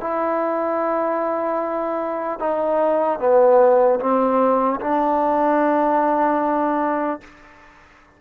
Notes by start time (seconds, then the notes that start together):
0.00 E4
2.39 D#4
3.19 B3
4.00 C4
4.80 D4